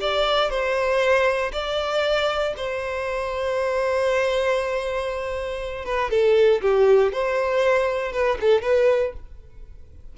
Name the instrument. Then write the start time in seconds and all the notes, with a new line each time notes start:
violin
0.00 D5
0.50 C5
1.52 D5
2.57 C5
5.85 B4
6.10 A4
6.61 G4
7.12 C5
8.12 B4
8.40 A4
8.62 B4